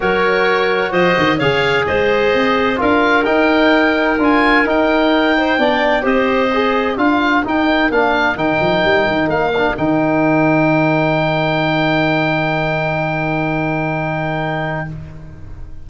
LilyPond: <<
  \new Staff \with { instrumentName = "oboe" } { \time 4/4 \tempo 4 = 129 cis''2 dis''4 f''4 | dis''2 f''4 g''4~ | g''4 gis''4 g''2~ | g''4 dis''2 f''4 |
g''4 f''4 g''2 | f''4 g''2.~ | g''1~ | g''1 | }
  \new Staff \with { instrumentName = "clarinet" } { \time 4/4 ais'2 c''4 cis''4 | c''2 ais'2~ | ais'2.~ ais'8 c''8 | d''4 c''2 ais'4~ |
ais'1~ | ais'1~ | ais'1~ | ais'1 | }
  \new Staff \with { instrumentName = "trombone" } { \time 4/4 fis'2. gis'4~ | gis'2 f'4 dis'4~ | dis'4 f'4 dis'2 | d'4 g'4 gis'4 f'4 |
dis'4 d'4 dis'2~ | dis'8 d'8 dis'2.~ | dis'1~ | dis'1 | }
  \new Staff \with { instrumentName = "tuba" } { \time 4/4 fis2 f8 dis8 cis4 | gis4 c'4 d'4 dis'4~ | dis'4 d'4 dis'2 | b4 c'2 d'4 |
dis'4 ais4 dis8 f8 g8 dis8 | ais4 dis2.~ | dis1~ | dis1 | }
>>